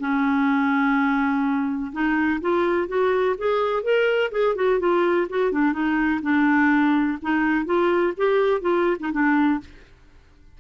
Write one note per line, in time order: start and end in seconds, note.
0.00 1.92 C#4
1.93 2.41 D#4
2.41 2.88 F4
2.88 3.36 F#4
3.38 3.83 G#4
3.83 4.31 A#4
4.32 4.55 G#4
4.55 4.79 F#4
4.80 5.28 F4
5.30 5.52 F#4
5.52 5.73 D4
5.73 6.21 D#4
6.22 7.18 D4
7.22 7.66 D#4
7.66 8.14 F4
8.17 8.61 G4
8.61 8.97 F4
9.00 9.12 D#4
9.12 9.60 D4